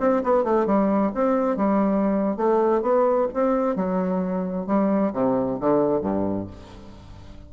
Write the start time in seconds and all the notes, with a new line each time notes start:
0.00 C4
0.24 B3
0.44 A3
0.66 G3
1.15 C4
1.57 G3
2.37 A3
2.82 B3
3.34 C4
3.76 F#3
4.67 G3
5.13 C3
5.60 D3
6.01 G2